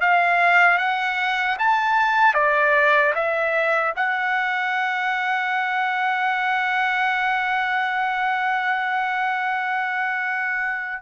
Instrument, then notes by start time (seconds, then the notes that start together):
trumpet
0.00 F5
0.78 F#5
1.59 A5
2.34 D5
3.14 E5
3.96 F#5